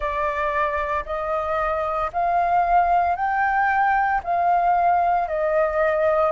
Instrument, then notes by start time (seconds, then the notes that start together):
flute
0.00 D5
1.05 D#5
2.12 F5
3.15 G5
4.23 F5
5.28 D#5